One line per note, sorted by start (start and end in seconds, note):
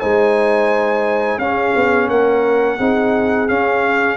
0.00 1.38 G#3
0.00 1.41 D#4
0.00 1.40 C5
0.00 1.39 G#5
1.38 1.73 C#4
1.38 2.79 C#4
1.38 2.10 G#4
1.38 2.09 F5
1.76 2.08 B3
2.08 2.78 A#3
2.08 2.78 A#4
2.08 3.48 F#5
2.78 3.49 C4
2.78 3.49 D#4
2.78 4.17 G#4
3.48 4.17 C#4
3.48 4.17 F5